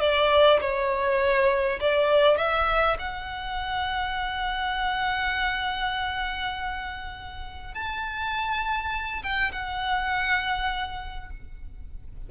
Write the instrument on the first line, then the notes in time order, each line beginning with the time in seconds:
violin
0.00 D5
0.60 C#5
1.80 D5
2.37 E5
2.98 F#5
7.74 A5
9.23 G5
9.52 F#5